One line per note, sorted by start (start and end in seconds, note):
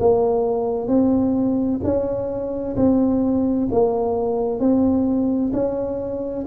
0.00 0.88 A#3
0.88 1.80 C4
1.84 2.77 C#4
2.77 3.69 C4
3.72 4.60 A#3
4.60 5.52 C4
5.53 6.46 C#4